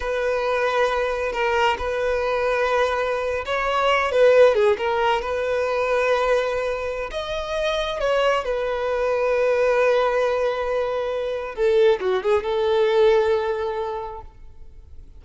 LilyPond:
\new Staff \with { instrumentName = "violin" } { \time 4/4 \tempo 4 = 135 b'2. ais'4 | b'2.~ b'8. cis''16~ | cis''4~ cis''16 b'4 gis'8 ais'4 b'16~ | b'1 |
dis''2 cis''4 b'4~ | b'1~ | b'2 a'4 fis'8 gis'8 | a'1 | }